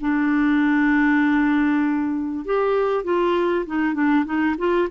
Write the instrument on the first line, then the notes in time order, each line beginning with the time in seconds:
clarinet
0.00 D4
2.45 G4
3.04 F4
3.66 D#4
3.94 D4
4.25 D#4
4.58 F4